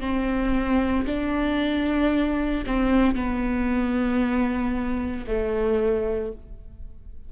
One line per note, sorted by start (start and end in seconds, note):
0.00 1.05 C4
1.06 2.64 D4
2.66 3.15 C4
3.15 5.25 B3
5.27 6.32 A3